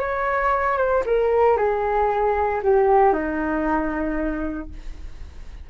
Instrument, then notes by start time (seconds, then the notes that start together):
flute
0.00 C#5
0.78 C5
1.06 A#4
1.57 G#4
2.63 G4
3.14 D#4